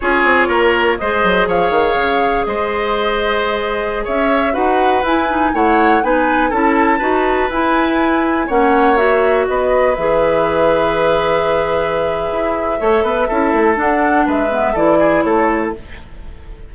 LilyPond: <<
  \new Staff \with { instrumentName = "flute" } { \time 4/4 \tempo 4 = 122 cis''2 dis''4 f''4~ | f''4 dis''2.~ | dis''16 e''4 fis''4 gis''4 fis''8.~ | fis''16 gis''4 a''2 gis''8.~ |
gis''4~ gis''16 fis''4 e''4 dis''8.~ | dis''16 e''2.~ e''8.~ | e''1 | fis''4 e''4 d''4 cis''4 | }
  \new Staff \with { instrumentName = "oboe" } { \time 4/4 gis'4 ais'4 c''4 cis''4~ | cis''4 c''2.~ | c''16 cis''4 b'2 cis''8.~ | cis''16 b'4 a'4 b'4.~ b'16~ |
b'4~ b'16 cis''2 b'8.~ | b'1~ | b'2 cis''8 b'8 a'4~ | a'4 b'4 a'8 gis'8 a'4 | }
  \new Staff \with { instrumentName = "clarinet" } { \time 4/4 f'2 gis'2~ | gis'1~ | gis'4~ gis'16 fis'4 e'8 dis'8 e'8.~ | e'16 dis'4 e'4 fis'4 e'8.~ |
e'4~ e'16 cis'4 fis'4.~ fis'16~ | fis'16 gis'2.~ gis'8.~ | gis'2 a'4 e'4 | d'4. b8 e'2 | }
  \new Staff \with { instrumentName = "bassoon" } { \time 4/4 cis'8 c'8 ais4 gis8 fis8 f8 dis8 | cis4 gis2.~ | gis16 cis'4 dis'4 e'4 a8.~ | a16 b4 cis'4 dis'4 e'8.~ |
e'4~ e'16 ais2 b8.~ | b16 e2.~ e8.~ | e4 e'4 a8 b8 cis'8 a8 | d'4 gis4 e4 a4 | }
>>